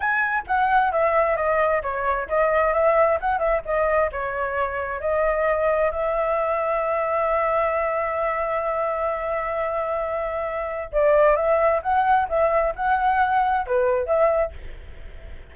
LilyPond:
\new Staff \with { instrumentName = "flute" } { \time 4/4 \tempo 4 = 132 gis''4 fis''4 e''4 dis''4 | cis''4 dis''4 e''4 fis''8 e''8 | dis''4 cis''2 dis''4~ | dis''4 e''2.~ |
e''1~ | e''1 | d''4 e''4 fis''4 e''4 | fis''2 b'4 e''4 | }